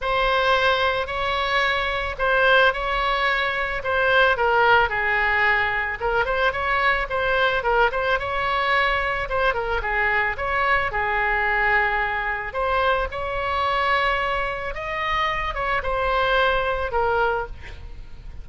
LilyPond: \new Staff \with { instrumentName = "oboe" } { \time 4/4 \tempo 4 = 110 c''2 cis''2 | c''4 cis''2 c''4 | ais'4 gis'2 ais'8 c''8 | cis''4 c''4 ais'8 c''8 cis''4~ |
cis''4 c''8 ais'8 gis'4 cis''4 | gis'2. c''4 | cis''2. dis''4~ | dis''8 cis''8 c''2 ais'4 | }